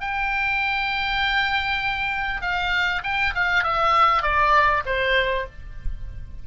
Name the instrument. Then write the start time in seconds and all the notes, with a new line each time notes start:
oboe
0.00 G5
2.41 F5
3.03 G5
3.34 F5
3.63 E5
4.22 D5
4.85 C5